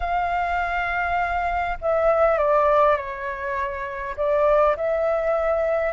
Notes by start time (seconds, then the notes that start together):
0.00 F5
1.81 E5
2.38 D5
2.96 C#5
4.16 D5
4.76 E5